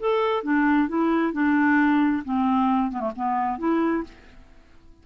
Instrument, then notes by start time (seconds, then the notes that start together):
clarinet
0.00 A4
0.43 D4
0.89 E4
1.33 D4
2.25 C4
2.92 B3
3.00 A3
3.16 B3
3.59 E4